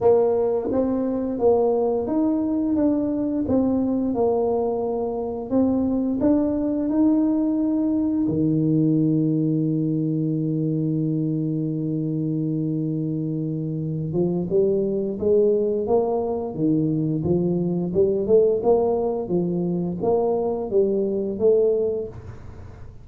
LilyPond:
\new Staff \with { instrumentName = "tuba" } { \time 4/4 \tempo 4 = 87 ais4 c'4 ais4 dis'4 | d'4 c'4 ais2 | c'4 d'4 dis'2 | dis1~ |
dis1~ | dis8 f8 g4 gis4 ais4 | dis4 f4 g8 a8 ais4 | f4 ais4 g4 a4 | }